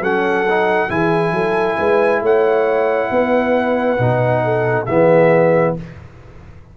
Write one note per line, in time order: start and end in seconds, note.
0.00 0.88 F#3
0.00 0.47 C#4
0.00 0.89 A4
0.00 0.90 F#5
0.49 0.89 D#4
0.89 1.32 E3
0.89 3.98 E4
0.89 1.34 G#4
0.89 2.23 G#5
1.32 1.76 F#3
1.32 1.78 A4
1.78 2.21 G#3
1.78 2.22 B4
2.21 3.09 A3
2.21 3.11 C#5
2.21 4.86 F#5
3.11 3.99 B3
3.11 4.44 B4
3.98 4.87 B2
3.98 4.86 D#4
4.44 4.87 A4
4.86 5.77 E3
4.86 5.77 B3
4.86 5.76 G#4
4.86 5.74 E5